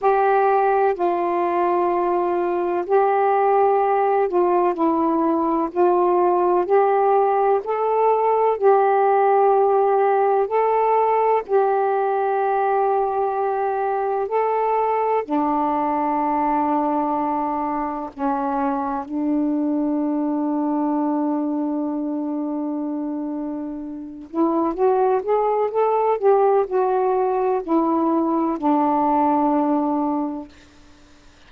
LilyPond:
\new Staff \with { instrumentName = "saxophone" } { \time 4/4 \tempo 4 = 63 g'4 f'2 g'4~ | g'8 f'8 e'4 f'4 g'4 | a'4 g'2 a'4 | g'2. a'4 |
d'2. cis'4 | d'1~ | d'4. e'8 fis'8 gis'8 a'8 g'8 | fis'4 e'4 d'2 | }